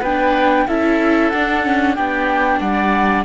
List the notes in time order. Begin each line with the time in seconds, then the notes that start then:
0.00 B3 D4 B4 G5
0.67 C#4 E4 A4 E5
1.29 D4 F#5
1.63 C#4
1.95 B3 D4 G4 G5
2.59 G3 D5 F#5